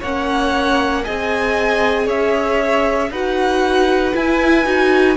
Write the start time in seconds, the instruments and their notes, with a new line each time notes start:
0.00 cello A#3, viola C#4, violin C#5 F#5
1.04 cello C4, viola G#4, violin D#5 G#5
2.06 cello C#4, violin C#5 E5
3.10 cello D#4, viola F#4, violin B4 F#5
4.14 viola E4, cello E4, violin G#5
4.65 cello D#4, viola F#4